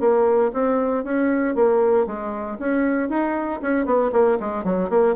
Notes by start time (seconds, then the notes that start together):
0.00 A#3
0.53 C4
1.04 C#4
1.55 A#3
2.06 G#3
2.59 C#4
3.09 D#4
3.62 C#4
3.86 B3
4.13 A#3
4.40 G#3
4.64 F#3
4.90 A#3